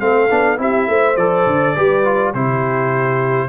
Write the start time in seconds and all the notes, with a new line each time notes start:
0.00 A3 C4 A4 F5
0.31 B3 D4
0.58 C4 E4 G4 E5
0.88 A3 C5
1.16 F3 A4 D5
1.47 D3
1.75 G3 G4 B4
2.05 F4
2.34 C3 E4 G4 C5